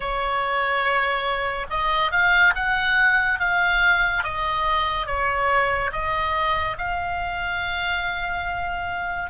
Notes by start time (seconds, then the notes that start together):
0.00 C#5
1.70 D#5
2.11 F5
2.55 F#5
3.39 F5
4.23 D#5
5.06 C#5
5.92 D#5
6.78 F5